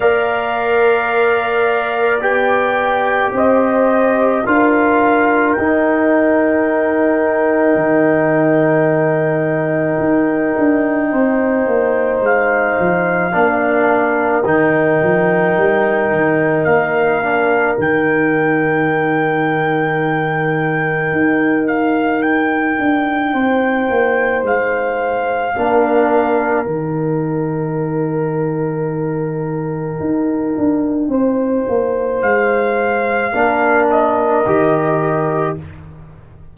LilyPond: <<
  \new Staff \with { instrumentName = "trumpet" } { \time 4/4 \tempo 4 = 54 f''2 g''4 dis''4 | f''4 g''2.~ | g''2. f''4~ | f''4 g''2 f''4 |
g''2.~ g''8 f''8 | g''2 f''2 | g''1~ | g''4 f''4. dis''4. | }
  \new Staff \with { instrumentName = "horn" } { \time 4/4 d''2. c''4 | ais'1~ | ais'2 c''2 | ais'1~ |
ais'1~ | ais'4 c''2 ais'4~ | ais'1 | c''2 ais'2 | }
  \new Staff \with { instrumentName = "trombone" } { \time 4/4 ais'2 g'2 | f'4 dis'2.~ | dis'1 | d'4 dis'2~ dis'8 d'8 |
dis'1~ | dis'2. d'4 | dis'1~ | dis'2 d'4 g'4 | }
  \new Staff \with { instrumentName = "tuba" } { \time 4/4 ais2 b4 c'4 | d'4 dis'2 dis4~ | dis4 dis'8 d'8 c'8 ais8 gis8 f8 | ais4 dis8 f8 g8 dis8 ais4 |
dis2. dis'4~ | dis'8 d'8 c'8 ais8 gis4 ais4 | dis2. dis'8 d'8 | c'8 ais8 gis4 ais4 dis4 | }
>>